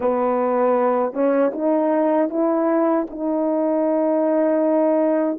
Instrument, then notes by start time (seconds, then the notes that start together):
horn
0.00 B3
1.13 C#4
1.53 D#4
2.29 E4
3.09 D#4